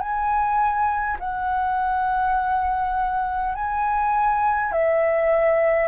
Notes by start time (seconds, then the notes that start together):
0.00 G#5
1.19 F#5
3.55 G#5
4.72 E5